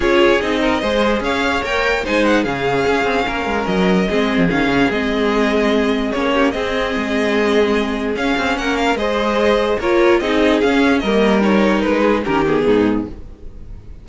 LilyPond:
<<
  \new Staff \with { instrumentName = "violin" } { \time 4/4 \tempo 4 = 147 cis''4 dis''2 f''4 | g''4 gis''8 fis''8 f''2~ | f''4 dis''2 f''4 | dis''2. cis''4 |
dis''1 | f''4 fis''8 f''8 dis''2 | cis''4 dis''4 f''4 dis''4 | cis''4 b'4 ais'8 gis'4. | }
  \new Staff \with { instrumentName = "violin" } { \time 4/4 gis'4. ais'8 c''4 cis''4~ | cis''4 c''4 gis'2 | ais'2 gis'2~ | gis'2.~ gis'8 g'8 |
gis'1~ | gis'4 ais'4 c''2 | ais'4 gis'2 ais'4~ | ais'4. gis'8 g'4 dis'4 | }
  \new Staff \with { instrumentName = "viola" } { \time 4/4 f'4 dis'4 gis'2 | ais'4 dis'4 cis'2~ | cis'2 c'4 cis'4 | c'2. cis'4 |
c'1 | cis'2 gis'2 | f'4 dis'4 cis'4 ais4 | dis'2 cis'8 b4. | }
  \new Staff \with { instrumentName = "cello" } { \time 4/4 cis'4 c'4 gis4 cis'4 | ais4 gis4 cis4 cis'8 c'8 | ais8 gis8 fis4 gis8. f16 dis8 cis8 | gis2. ais4 |
c'4 gis2. | cis'8 c'8 ais4 gis2 | ais4 c'4 cis'4 g4~ | g4 gis4 dis4 gis,4 | }
>>